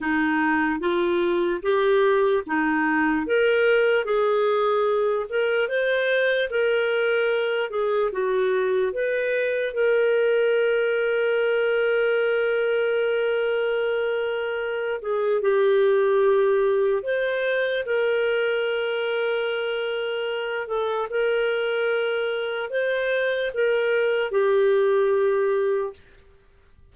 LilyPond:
\new Staff \with { instrumentName = "clarinet" } { \time 4/4 \tempo 4 = 74 dis'4 f'4 g'4 dis'4 | ais'4 gis'4. ais'8 c''4 | ais'4. gis'8 fis'4 b'4 | ais'1~ |
ais'2~ ais'8 gis'8 g'4~ | g'4 c''4 ais'2~ | ais'4. a'8 ais'2 | c''4 ais'4 g'2 | }